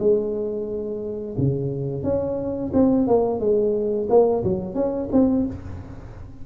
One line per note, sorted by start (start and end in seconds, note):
0.00 1.36 G#3
1.39 2.04 C#3
2.04 2.72 C#4
2.74 3.08 C4
3.08 3.40 A#3
3.40 4.08 G#3
4.10 4.44 A#3
4.44 4.75 F#3
4.75 5.10 C#4
5.13 5.47 C4